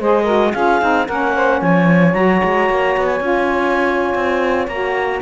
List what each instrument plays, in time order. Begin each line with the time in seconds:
0.00 cello G#3, saxophone G#4 C5, clarinet D#5
0.23 saxophone F#4 A#4
0.52 cello C#4, saxophone F4 G#4, clarinet F5
0.81 cello C4, saxophone D#4
1.07 cello A#3, saxophone C#4 A#4, clarinet F#5
1.35 saxophone C5
1.60 cello F3, saxophone C#5, clarinet G#5
2.14 cello F#3, saxophone F#4, clarinet A#5
2.45 cello G#3
2.70 cello A#3
2.97 cello B3
3.06 clarinet G#5
3.21 cello C#4, saxophone F4
4.15 cello C4
4.68 cello A#3, saxophone F#4, clarinet A#5